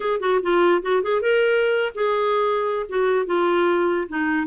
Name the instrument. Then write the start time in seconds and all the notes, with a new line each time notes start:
clarinet
0.00 G#4
0.20 F#4
0.42 F4
0.82 F#4
1.02 G#4
1.21 A#4
1.94 G#4
2.88 F#4
3.26 F4
4.08 D#4